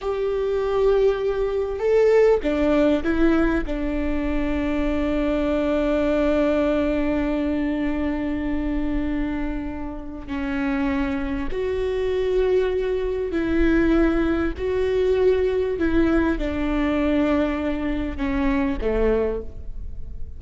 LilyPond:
\new Staff \with { instrumentName = "viola" } { \time 4/4 \tempo 4 = 99 g'2. a'4 | d'4 e'4 d'2~ | d'1~ | d'1~ |
d'4 cis'2 fis'4~ | fis'2 e'2 | fis'2 e'4 d'4~ | d'2 cis'4 a4 | }